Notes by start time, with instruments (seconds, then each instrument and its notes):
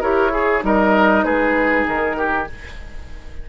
0.00 bassoon E4, clarinet G4, oboe A#4, flute C#5
0.31 clarinet G#4, oboe G#4
0.61 bassoon G3, clarinet D#4, oboe A#4, flute D#5
1.24 bassoon G#3, oboe G#4, flute B4
1.86 bassoon D#3, flute A#4
2.17 oboe G4